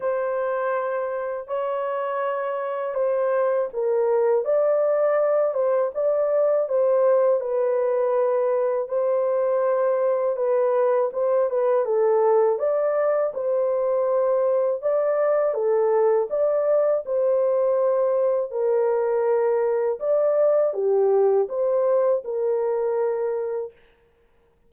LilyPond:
\new Staff \with { instrumentName = "horn" } { \time 4/4 \tempo 4 = 81 c''2 cis''2 | c''4 ais'4 d''4. c''8 | d''4 c''4 b'2 | c''2 b'4 c''8 b'8 |
a'4 d''4 c''2 | d''4 a'4 d''4 c''4~ | c''4 ais'2 d''4 | g'4 c''4 ais'2 | }